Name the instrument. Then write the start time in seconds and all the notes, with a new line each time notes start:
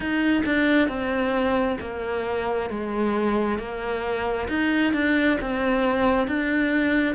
cello
0.00 D#4
0.45 D4
0.88 C4
1.80 A#3
2.70 G#3
3.58 A#3
4.48 D#4
4.93 D4
5.40 C4
6.27 D4